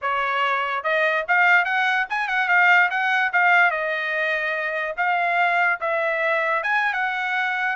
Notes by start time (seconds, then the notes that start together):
0.01 C#5
0.83 D#5
1.27 F5
1.65 F#5
2.09 G#5
2.27 F#5
2.48 F5
2.90 F#5
3.32 F5
3.71 D#5
4.97 F5
5.80 E5
6.63 G#5
6.93 F#5